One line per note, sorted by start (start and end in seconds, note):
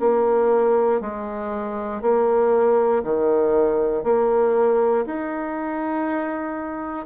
0.00 1.01 A#3
1.01 2.02 G#3
2.02 3.03 A#3
3.03 4.04 D#3
4.04 5.05 A#3
5.06 7.06 D#4